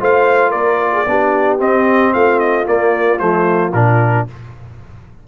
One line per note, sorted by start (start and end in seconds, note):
0.00 0.53 A3
0.00 1.06 F4
0.00 0.50 C5
0.00 0.51 F5
0.50 1.06 A#3
0.50 0.89 A#4
0.50 1.58 D5
0.93 1.06 G#4
1.07 1.60 B3
1.07 1.59 D4
1.07 2.14 G4
1.59 2.65 C4
1.59 2.14 C4
1.59 2.13 D#5
2.13 2.67 A3
2.13 4.27 F4
2.13 2.39 F5
2.39 2.66 D#5
2.65 3.19 A#3
2.65 3.21 A#3
2.65 3.19 D5
3.19 3.73 F3
3.19 3.72 A3
3.19 3.72 C5
3.73 4.26 A#2
3.73 4.28 D4
3.73 4.27 A#4